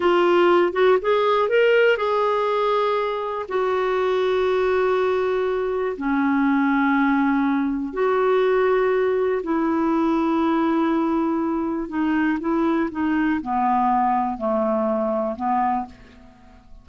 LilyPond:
\new Staff \with { instrumentName = "clarinet" } { \time 4/4 \tempo 4 = 121 f'4. fis'8 gis'4 ais'4 | gis'2. fis'4~ | fis'1 | cis'1 |
fis'2. e'4~ | e'1 | dis'4 e'4 dis'4 b4~ | b4 a2 b4 | }